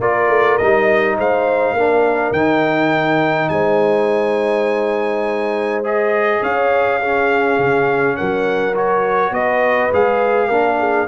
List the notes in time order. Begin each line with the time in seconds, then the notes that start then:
0.00 A#3 F4 A#4 D5
0.29 A3
0.58 G3 D#4 D#5
1.18 G#3 C5 F5
1.73 A#3 D4 A#4
2.32 D#3 D#4 G5
3.49 G#3 C5 G#5
5.84 G#4 D#5
6.42 C#4 C#5 F5
7.00 C#4 G#4
7.58 C#3
8.16 F#3 A#4 F#5
8.75 F#4 C#5
9.31 B3 B4 D#5
9.92 G#3 G#4 F5
10.48 A#3 D4 A#4
10.79 G#4